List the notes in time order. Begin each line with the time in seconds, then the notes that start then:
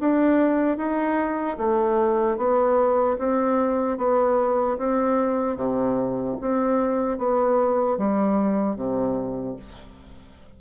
0.00 D4
0.77 D#4
1.58 A3
2.37 B3
3.19 C4
3.97 B3
4.78 C4
5.56 C3
6.41 C4
7.18 B3
7.98 G3
8.76 C3